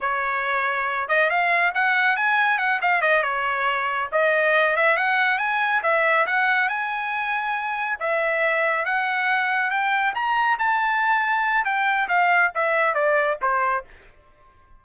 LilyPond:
\new Staff \with { instrumentName = "trumpet" } { \time 4/4 \tempo 4 = 139 cis''2~ cis''8 dis''8 f''4 | fis''4 gis''4 fis''8 f''8 dis''8 cis''8~ | cis''4. dis''4. e''8 fis''8~ | fis''8 gis''4 e''4 fis''4 gis''8~ |
gis''2~ gis''8 e''4.~ | e''8 fis''2 g''4 ais''8~ | ais''8 a''2~ a''8 g''4 | f''4 e''4 d''4 c''4 | }